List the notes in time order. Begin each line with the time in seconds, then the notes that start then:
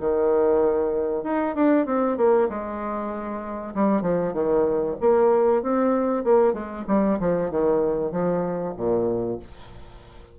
0.00 D#3
1.24 D#4
1.55 D4
1.86 C4
2.17 A#3
2.49 G#3
3.75 G3
4.02 F3
4.34 D#3
5.01 A#3
5.63 C4
6.24 A#3
6.54 G#3
6.88 G3
7.20 F3
7.51 D#3
8.12 F3
8.77 A#2